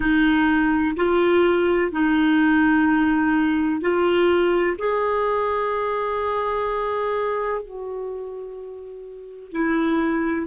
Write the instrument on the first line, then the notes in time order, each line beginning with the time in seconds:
clarinet
0.00 D#4
0.96 F4
1.91 D#4
3.81 F4
4.78 G#4
7.61 F#4
9.51 E4